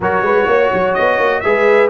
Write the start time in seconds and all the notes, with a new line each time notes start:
0.00 F#3 F#4 A#4 C#5
0.22 G#3 B4
0.46 A#3 C#5
0.73 F#3
0.94 B3 D#5
1.18 A#3
1.40 G#3 G#4 B4 E5